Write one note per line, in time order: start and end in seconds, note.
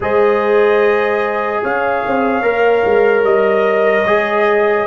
0.00 1.60 G#3
0.00 2.42 G#4
0.00 1.62 C5
0.00 1.64 D#5
1.62 2.03 C#4
1.62 4.86 C#5
1.62 3.24 F5
2.06 2.41 C4
2.41 2.82 A#3
2.41 4.04 A#4
2.85 3.23 G#3
3.23 4.04 G3
3.23 4.86 D#5
4.05 4.86 G#3
4.05 4.86 G#4